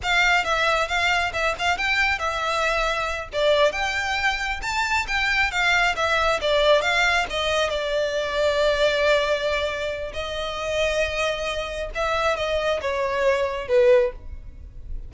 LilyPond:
\new Staff \with { instrumentName = "violin" } { \time 4/4 \tempo 4 = 136 f''4 e''4 f''4 e''8 f''8 | g''4 e''2~ e''8 d''8~ | d''8 g''2 a''4 g''8~ | g''8 f''4 e''4 d''4 f''8~ |
f''8 dis''4 d''2~ d''8~ | d''2. dis''4~ | dis''2. e''4 | dis''4 cis''2 b'4 | }